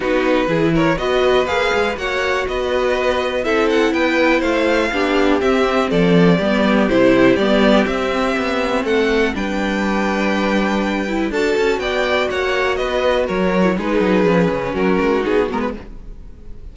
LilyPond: <<
  \new Staff \with { instrumentName = "violin" } { \time 4/4 \tempo 4 = 122 b'4. cis''8 dis''4 f''4 | fis''4 dis''2 e''8 fis''8 | g''4 f''2 e''4 | d''2 c''4 d''4 |
e''2 fis''4 g''4~ | g''2. a''4 | g''4 fis''4 dis''4 cis''4 | b'2 ais'4 gis'8 ais'16 b'16 | }
  \new Staff \with { instrumentName = "violin" } { \time 4/4 fis'4 gis'8 ais'8 b'2 | cis''4 b'2 a'4 | b'4 c''4 g'2 | a'4 g'2.~ |
g'2 a'4 b'4~ | b'2. a'4 | d''4 cis''4 b'4 ais'4 | gis'2 fis'2 | }
  \new Staff \with { instrumentName = "viola" } { \time 4/4 dis'4 e'4 fis'4 gis'4 | fis'2. e'4~ | e'2 d'4 c'4~ | c'4 b4 e'4 b4 |
c'2. d'4~ | d'2~ d'8 e'8 fis'4~ | fis'2.~ fis'8. e'16 | dis'4 cis'2 dis'8 b8 | }
  \new Staff \with { instrumentName = "cello" } { \time 4/4 b4 e4 b4 ais8 gis8 | ais4 b2 c'4 | b4 a4 b4 c'4 | f4 g4 c4 g4 |
c'4 b4 a4 g4~ | g2. d'8 cis'8 | b4 ais4 b4 fis4 | gis8 fis8 f8 cis8 fis8 gis8 b8 gis8 | }
>>